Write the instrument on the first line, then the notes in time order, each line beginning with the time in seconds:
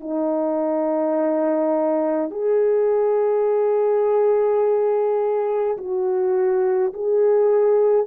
horn
0.00 D#4
2.31 G#4
5.77 F#4
6.93 G#4